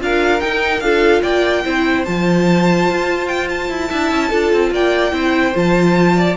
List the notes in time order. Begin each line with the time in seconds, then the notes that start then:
0.00 D4 F4 A#4 F5
0.40 D#4 G5
0.80 D4 F4 A4 F5
1.22 A#3 D5 G5
1.64 C4 E4 C5
2.05 F3 F4 A5
2.90 F4
3.28 G5
3.49 A5
3.70 E4
3.89 D4 E4 E5
4.11 C#4
4.29 D4 F4 A4
4.53 C4
4.72 A#3 D5 G5
5.11 C4 E4 C5
5.54 F3 F4 A5
6.16 D5